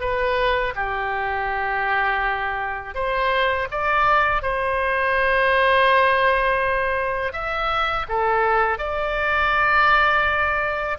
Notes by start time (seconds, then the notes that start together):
0.00 B4
0.75 G4
2.94 C5
3.71 D5
4.42 C5
7.32 E5
8.08 A4
8.78 D5